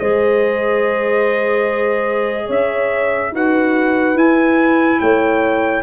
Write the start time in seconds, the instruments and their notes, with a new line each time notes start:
0.00 tuba G#3, clarinet G#4, horn C5, trumpet D#5
2.46 tuba C#4, horn C#5, trumpet E5
3.32 tuba D#4, clarinet F#4, horn B4, trumpet F#5
4.15 tuba E4, clarinet E4, trumpet G#5
5.00 tuba A3, horn C#5, trumpet G5